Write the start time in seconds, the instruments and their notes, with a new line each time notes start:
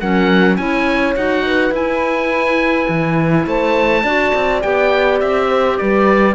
0.00 cello F#3, clarinet C#4, horn A#4, oboe F#5
0.57 cello C#4, clarinet E4, horn C#5, oboe G#5
1.16 cello D#4, clarinet F#4, oboe F#5
1.45 horn B4
1.71 cello E4, clarinet E4, oboe G#5
2.89 cello E3
3.47 cello A3, horn C5, oboe A5
4.03 cello D4, clarinet F#4, horn D5
4.35 cello C4
4.62 cello B3, clarinet G4, oboe G5
5.20 cello C4, oboe E5
5.49 horn C5
5.78 cello G3, horn B4, oboe D5